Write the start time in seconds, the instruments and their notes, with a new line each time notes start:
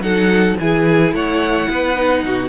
0.00 cello F#3, viola D#4, violin A4 F#5
0.59 cello E3, viola E4, violin G#4 G#5
1.13 cello A3, violin C#5 F#5
1.69 cello B3, violin B4
1.95 viola D#4
2.24 cello B2, violin F#4